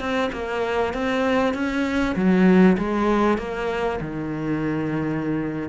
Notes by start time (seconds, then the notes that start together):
0.00 C4
0.33 A#3
0.94 C4
1.54 C#4
2.16 F#3
2.78 G#3
3.38 A#3
4.01 D#3